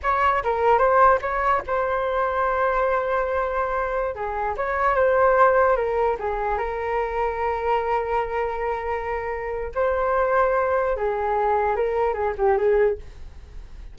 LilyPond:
\new Staff \with { instrumentName = "flute" } { \time 4/4 \tempo 4 = 148 cis''4 ais'4 c''4 cis''4 | c''1~ | c''2~ c''16 gis'4 cis''8.~ | cis''16 c''2 ais'4 gis'8.~ |
gis'16 ais'2.~ ais'8.~ | ais'1 | c''2. gis'4~ | gis'4 ais'4 gis'8 g'8 gis'4 | }